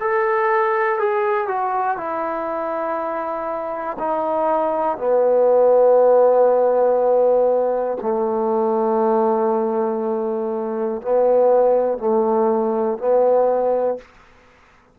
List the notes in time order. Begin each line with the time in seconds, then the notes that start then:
0.00 A4
0.99 G#4
1.48 F#4
1.98 E4
3.99 D#4
4.98 B3
8.02 A3
11.02 B3
11.98 A3
12.98 B3